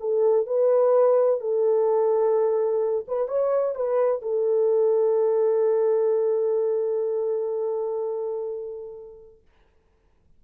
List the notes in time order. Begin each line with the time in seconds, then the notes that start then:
0.00 A4
0.46 B4
1.40 A4
3.08 B4
3.28 C#5
3.75 B4
4.22 A4